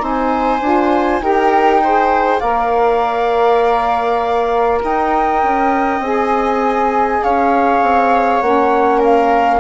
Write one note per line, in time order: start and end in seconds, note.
0.00 0.61 C4
0.00 0.60 D#4
0.00 1.23 C5
0.00 1.23 G#5
0.61 1.21 D4
0.61 1.22 F4
1.21 2.41 D#4
1.21 1.81 G4
1.21 1.83 A#4
1.21 2.40 G5
1.84 2.42 G#4
1.84 2.40 C5
2.40 4.82 A#3
2.40 6.02 A#4
2.40 4.80 D5
2.40 4.80 F5
4.84 5.44 D#4
4.84 7.24 D#5
4.84 6.04 G5
5.44 6.00 C#4
6.00 7.20 C4
6.00 8.43 G#4
6.00 7.24 G#5
7.24 7.83 C#4
7.24 8.98 C#5
7.24 8.42 F5
7.83 8.42 C4
8.42 9.61 A#3
8.42 9.61 C#4
8.42 9.02 F#5
8.98 9.59 A#4
9.04 9.61 F5